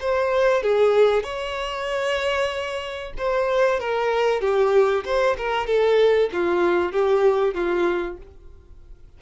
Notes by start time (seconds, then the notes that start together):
0.00 C5
0.62 G#4
1.23 C#5
3.18 C5
3.80 A#4
4.41 G4
5.05 C5
5.37 A#4
5.66 A4
6.32 F4
6.92 G4
7.54 F4